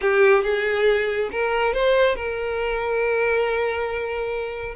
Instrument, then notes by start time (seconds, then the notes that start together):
violin
0.01 G4
0.43 G#4
1.31 A#4
1.73 C5
2.15 A#4